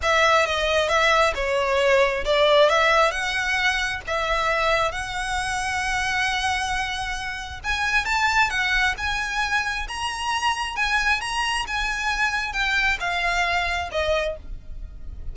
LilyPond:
\new Staff \with { instrumentName = "violin" } { \time 4/4 \tempo 4 = 134 e''4 dis''4 e''4 cis''4~ | cis''4 d''4 e''4 fis''4~ | fis''4 e''2 fis''4~ | fis''1~ |
fis''4 gis''4 a''4 fis''4 | gis''2 ais''2 | gis''4 ais''4 gis''2 | g''4 f''2 dis''4 | }